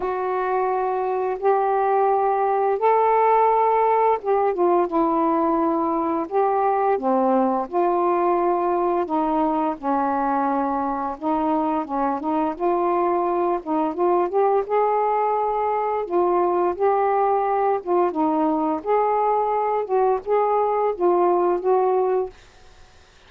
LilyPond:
\new Staff \with { instrumentName = "saxophone" } { \time 4/4 \tempo 4 = 86 fis'2 g'2 | a'2 g'8 f'8 e'4~ | e'4 g'4 c'4 f'4~ | f'4 dis'4 cis'2 |
dis'4 cis'8 dis'8 f'4. dis'8 | f'8 g'8 gis'2 f'4 | g'4. f'8 dis'4 gis'4~ | gis'8 fis'8 gis'4 f'4 fis'4 | }